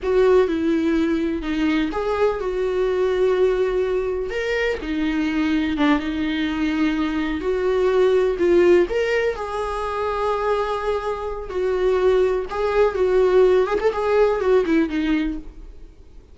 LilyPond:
\new Staff \with { instrumentName = "viola" } { \time 4/4 \tempo 4 = 125 fis'4 e'2 dis'4 | gis'4 fis'2.~ | fis'4 ais'4 dis'2 | d'8 dis'2. fis'8~ |
fis'4. f'4 ais'4 gis'8~ | gis'1 | fis'2 gis'4 fis'4~ | fis'8 gis'16 a'16 gis'4 fis'8 e'8 dis'4 | }